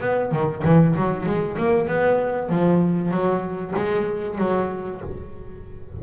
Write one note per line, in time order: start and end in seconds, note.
0.00 0.31 B3
0.31 0.62 D#3
0.64 0.95 E3
0.96 1.26 F#3
1.26 1.57 G#3
1.57 1.87 A#3
1.87 2.49 B3
2.49 3.11 F3
3.11 3.73 F#3
3.76 4.38 G#3
4.38 5.00 F#3